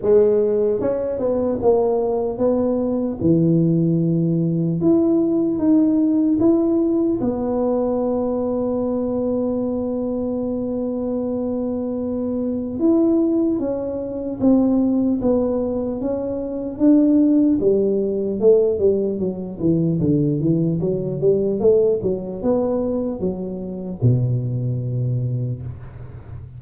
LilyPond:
\new Staff \with { instrumentName = "tuba" } { \time 4/4 \tempo 4 = 75 gis4 cis'8 b8 ais4 b4 | e2 e'4 dis'4 | e'4 b2.~ | b1 |
e'4 cis'4 c'4 b4 | cis'4 d'4 g4 a8 g8 | fis8 e8 d8 e8 fis8 g8 a8 fis8 | b4 fis4 b,2 | }